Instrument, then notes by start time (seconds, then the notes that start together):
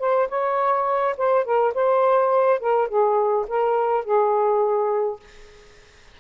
saxophone
0.00 C5
0.29 C#5
1.18 C5
1.45 A#4
1.75 C5
2.60 A#4
2.89 G#4
3.48 A#4
4.05 G#4